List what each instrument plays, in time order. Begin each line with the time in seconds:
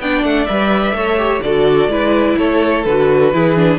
0.00 cello B3, viola D4, violin D5 G5
0.24 cello A3, violin F#5
0.45 cello G3, viola B4, violin E5
0.92 cello A3, viola A4, violin C#5
1.18 viola G4
1.42 cello D3, viola F#4, violin A4 D5
1.88 cello G#3, viola E4, violin B4
2.38 cello A3, violin A4 C#5
2.85 cello D3, viola F#4, violin B4
3.33 cello E3, viola E4, violin G#4
3.57 viola D4